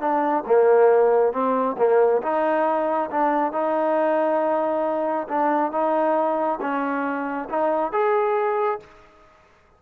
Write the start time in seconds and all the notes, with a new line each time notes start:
0.00 D4
0.46 A#3
1.33 C4
1.78 A#3
2.22 D#4
3.11 D4
3.52 D#4
5.28 D4
5.72 D#4
6.61 C#4
7.49 D#4
7.92 G#4